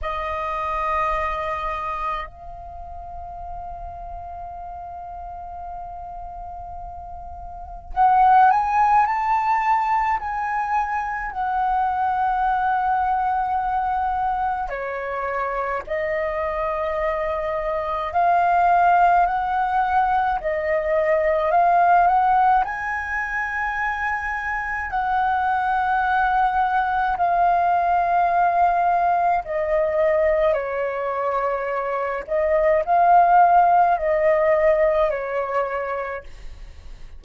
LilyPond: \new Staff \with { instrumentName = "flute" } { \time 4/4 \tempo 4 = 53 dis''2 f''2~ | f''2. fis''8 gis''8 | a''4 gis''4 fis''2~ | fis''4 cis''4 dis''2 |
f''4 fis''4 dis''4 f''8 fis''8 | gis''2 fis''2 | f''2 dis''4 cis''4~ | cis''8 dis''8 f''4 dis''4 cis''4 | }